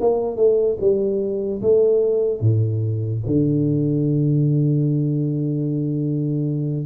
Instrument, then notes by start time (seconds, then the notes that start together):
tuba
0.00 A#3
0.36 A3
0.80 G3
1.62 A3
2.41 A2
3.26 D3